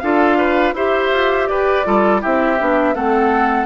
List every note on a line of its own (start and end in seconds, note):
0.00 0.73 D4
0.00 0.75 F4
0.00 0.37 A4
0.00 0.73 F5
0.37 0.74 B4
0.73 1.09 E4
0.73 1.84 G4
0.73 1.48 C5
0.73 1.47 E5
1.12 1.48 F4
1.47 1.85 G4
1.47 1.86 B4
1.47 2.20 D5
1.84 2.23 G3
1.84 2.20 F4
1.84 2.21 A4
2.20 2.60 C4
2.20 2.56 E4
2.20 2.94 G4
2.20 2.95 E5
2.59 2.95 B3
2.59 2.94 D4
2.94 3.66 A3
2.94 3.66 C4
2.94 3.66 A4
2.94 3.66 F#5